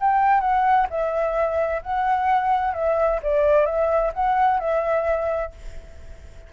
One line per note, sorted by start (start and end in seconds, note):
0.00 0.40 G5
0.40 0.87 F#5
0.90 1.82 E5
1.83 2.74 F#5
2.74 3.20 E5
3.23 3.66 D5
3.66 4.12 E5
4.13 4.60 F#5
4.60 5.52 E5